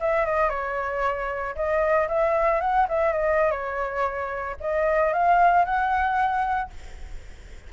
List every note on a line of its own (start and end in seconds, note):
0.00 0.26 E5
0.26 0.50 D#5
0.50 1.55 C#5
1.55 2.08 D#5
2.08 2.61 E5
2.61 2.87 F#5
2.89 3.13 E5
3.13 3.51 D#5
3.51 4.56 C#5
4.60 5.13 D#5
5.13 5.65 F5
5.65 6.70 F#5